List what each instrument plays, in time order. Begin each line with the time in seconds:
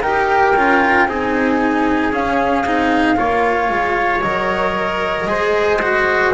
0.00 double bass D#4, cello G4, trumpet A#4, flute G5
0.55 double bass C#4, cello F4
1.07 double bass C4, cello D#4, trumpet G#4, flute G#5
2.12 cello C#4, double bass C#4, flute F5
2.65 double bass C4, cello D#4
3.16 double bass A#3, cello F4, trumpet C#5
3.70 double bass G#3
4.22 double bass F#3, cello A#4, flute D#5
5.26 double bass G#3, cello G#4, trumpet C5
5.82 cello F#4